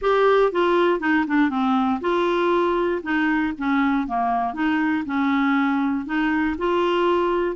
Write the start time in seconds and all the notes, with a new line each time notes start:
0.01 G4
0.52 F4
1.00 D#4
1.27 D4
1.49 C4
2.01 F4
3.02 D#4
3.58 C#4
4.07 A#3
4.53 D#4
5.05 C#4
6.05 D#4
6.58 F4